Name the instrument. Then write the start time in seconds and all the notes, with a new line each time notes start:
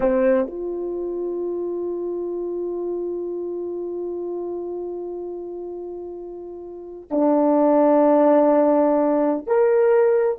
horn
0.00 C4
0.47 F4
7.11 D4
9.46 A#4